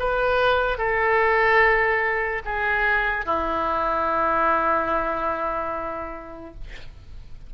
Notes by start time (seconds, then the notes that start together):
0.00 B4
0.78 A4
2.45 G#4
3.26 E4